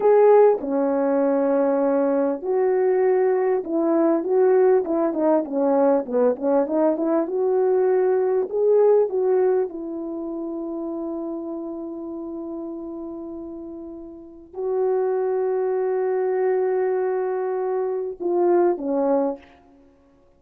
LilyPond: \new Staff \with { instrumentName = "horn" } { \time 4/4 \tempo 4 = 99 gis'4 cis'2. | fis'2 e'4 fis'4 | e'8 dis'8 cis'4 b8 cis'8 dis'8 e'8 | fis'2 gis'4 fis'4 |
e'1~ | e'1 | fis'1~ | fis'2 f'4 cis'4 | }